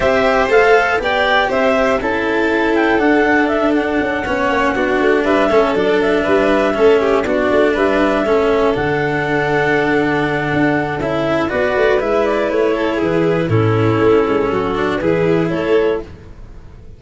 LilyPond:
<<
  \new Staff \with { instrumentName = "clarinet" } { \time 4/4 \tempo 4 = 120 e''4 f''4 g''4 e''4 | a''4. g''8 fis''4 e''8 fis''8~ | fis''2~ fis''8 e''4 d''8 | e''2~ e''8 d''4 e''8~ |
e''4. fis''2~ fis''8~ | fis''2 e''4 d''4 | e''8 d''8 cis''4 b'4 a'4~ | a'2 b'4 cis''4 | }
  \new Staff \with { instrumentName = "violin" } { \time 4/4 c''2 d''4 c''4 | a'1~ | a'8 cis''4 fis'4 b'8 a'4~ | a'8 b'4 a'8 g'8 fis'4 b'8~ |
b'8 a'2.~ a'8~ | a'2. b'4~ | b'4. a'8 gis'4 e'4~ | e'4 fis'4 gis'4 a'4 | }
  \new Staff \with { instrumentName = "cello" } { \time 4/4 g'4 a'4 g'2 | e'2 d'2~ | d'8 cis'4 d'4. cis'8 d'8~ | d'4. cis'4 d'4.~ |
d'8 cis'4 d'2~ d'8~ | d'2 e'4 fis'4 | e'2. cis'4~ | cis'4. d'8 e'2 | }
  \new Staff \with { instrumentName = "tuba" } { \time 4/4 c'4 a4 b4 c'4 | cis'2 d'2 | cis'8 b8 ais8 b8 a8 g8 a8 fis8~ | fis8 g4 a4 b8 a8 g8~ |
g8 a4 d2~ d8~ | d4 d'4 cis'4 b8 a8 | gis4 a4 e4 a,4 | a8 gis8 fis4 e4 a4 | }
>>